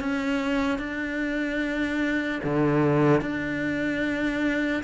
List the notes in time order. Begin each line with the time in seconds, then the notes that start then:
0.00 C#4
0.79 D4
2.44 D3
3.21 D4